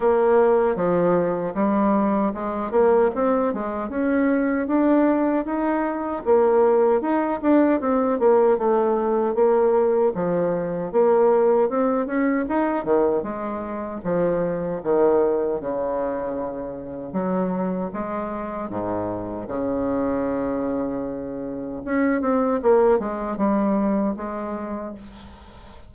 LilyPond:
\new Staff \with { instrumentName = "bassoon" } { \time 4/4 \tempo 4 = 77 ais4 f4 g4 gis8 ais8 | c'8 gis8 cis'4 d'4 dis'4 | ais4 dis'8 d'8 c'8 ais8 a4 | ais4 f4 ais4 c'8 cis'8 |
dis'8 dis8 gis4 f4 dis4 | cis2 fis4 gis4 | gis,4 cis2. | cis'8 c'8 ais8 gis8 g4 gis4 | }